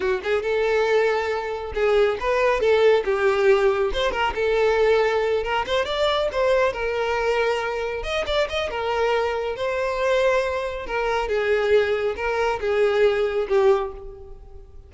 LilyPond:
\new Staff \with { instrumentName = "violin" } { \time 4/4 \tempo 4 = 138 fis'8 gis'8 a'2. | gis'4 b'4 a'4 g'4~ | g'4 c''8 ais'8 a'2~ | a'8 ais'8 c''8 d''4 c''4 ais'8~ |
ais'2~ ais'8 dis''8 d''8 dis''8 | ais'2 c''2~ | c''4 ais'4 gis'2 | ais'4 gis'2 g'4 | }